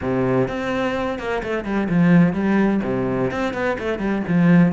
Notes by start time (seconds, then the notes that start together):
0.01 C3
0.47 C4
1.19 A#3
1.43 A3
1.64 G3
1.89 F3
2.33 G3
2.83 C3
3.31 C4
3.53 B3
3.78 A3
3.98 G3
4.27 F3